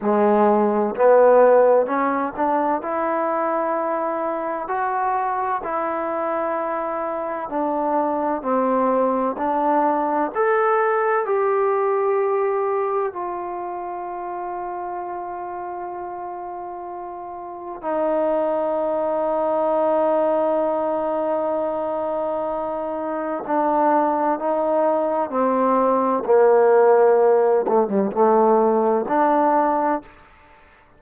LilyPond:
\new Staff \with { instrumentName = "trombone" } { \time 4/4 \tempo 4 = 64 gis4 b4 cis'8 d'8 e'4~ | e'4 fis'4 e'2 | d'4 c'4 d'4 a'4 | g'2 f'2~ |
f'2. dis'4~ | dis'1~ | dis'4 d'4 dis'4 c'4 | ais4. a16 g16 a4 d'4 | }